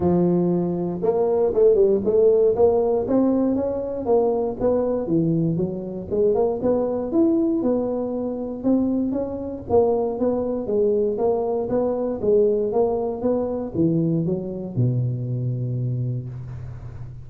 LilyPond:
\new Staff \with { instrumentName = "tuba" } { \time 4/4 \tempo 4 = 118 f2 ais4 a8 g8 | a4 ais4 c'4 cis'4 | ais4 b4 e4 fis4 | gis8 ais8 b4 e'4 b4~ |
b4 c'4 cis'4 ais4 | b4 gis4 ais4 b4 | gis4 ais4 b4 e4 | fis4 b,2. | }